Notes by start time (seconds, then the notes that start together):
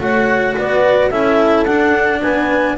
0.00 A3 F#4 C#5 F#5
0.57 B3 B4 D5
1.10 C#4 E4 A4 E5
1.65 D4 F#5
2.22 B3 B4 G#5